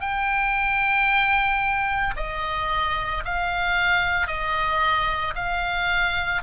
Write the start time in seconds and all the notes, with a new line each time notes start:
0.00 G5
2.16 D#5
3.24 F5
4.27 D#5
5.35 F5